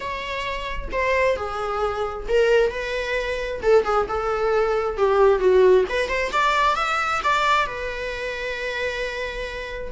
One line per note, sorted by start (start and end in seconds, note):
0.00 0.88 C#5
0.92 1.36 C5
1.36 2.26 G#4
2.28 2.70 A#4
2.70 3.61 B4
3.62 3.84 A4
3.84 4.06 G#4
4.08 4.97 A4
4.97 5.39 G4
5.39 5.84 F#4
5.89 6.09 B4
6.09 6.31 C5
6.32 6.75 D5
6.75 7.20 E5
7.23 7.66 D5
7.66 9.92 B4